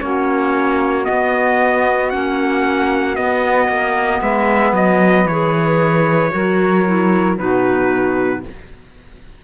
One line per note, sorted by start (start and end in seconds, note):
0.00 1.07 A#3
0.00 1.04 C#4
0.00 4.21 F#4
0.00 1.05 C#5
1.04 2.09 B3
1.04 2.13 B3
1.04 2.10 D#5
2.10 3.17 A#3
2.10 3.16 C#4
2.10 3.15 F#5
3.16 3.68 B3
3.16 5.29 B3
3.16 4.21 D#5
3.68 4.21 A#3
4.21 4.72 G#3
4.21 6.32 B4
4.21 4.74 E5
4.72 5.25 F#3
4.72 5.27 D#5
5.25 6.30 E3
5.25 6.31 G#4
5.25 7.37 C#5
6.31 7.39 F#3
6.31 6.83 F#4
6.31 7.38 A#4
6.86 7.37 E4
7.37 8.44 B2
7.37 8.43 D#4
7.37 8.43 F#4
7.37 8.44 B4